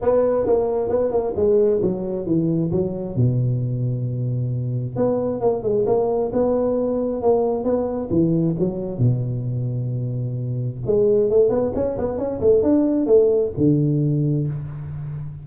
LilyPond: \new Staff \with { instrumentName = "tuba" } { \time 4/4 \tempo 4 = 133 b4 ais4 b8 ais8 gis4 | fis4 e4 fis4 b,4~ | b,2. b4 | ais8 gis8 ais4 b2 |
ais4 b4 e4 fis4 | b,1 | gis4 a8 b8 cis'8 b8 cis'8 a8 | d'4 a4 d2 | }